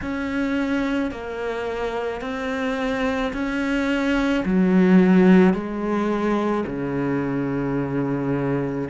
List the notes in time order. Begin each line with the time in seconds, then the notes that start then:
0.01 C#4
1.11 A#3
2.21 C4
3.33 C#4
4.44 F#3
5.53 G#3
6.66 C#3